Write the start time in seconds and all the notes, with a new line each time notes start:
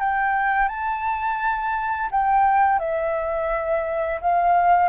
0.00 G5
0.69 A5
2.11 G5
2.79 E5
4.21 F5